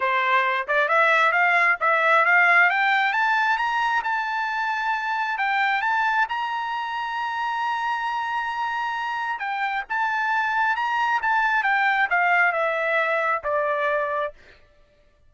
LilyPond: \new Staff \with { instrumentName = "trumpet" } { \time 4/4 \tempo 4 = 134 c''4. d''8 e''4 f''4 | e''4 f''4 g''4 a''4 | ais''4 a''2. | g''4 a''4 ais''2~ |
ais''1~ | ais''4 g''4 a''2 | ais''4 a''4 g''4 f''4 | e''2 d''2 | }